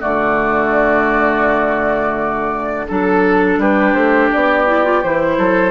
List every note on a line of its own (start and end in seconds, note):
0.00 2.90 D3
0.00 2.86 A3
0.00 2.86 F#4
0.00 2.87 D5
2.88 3.57 F#3
2.88 4.67 D4
2.88 3.59 A4
2.88 3.61 A4
3.57 3.93 G3
3.57 5.38 G4
3.57 3.94 B4
3.94 4.30 A3
3.94 4.30 C5
4.33 5.04 B3
4.33 5.03 D5
4.67 4.84 E4
4.84 5.02 F4
5.03 5.38 E3
5.03 5.71 E4
5.03 5.71 C5
5.38 5.71 F#3
5.38 5.71 A4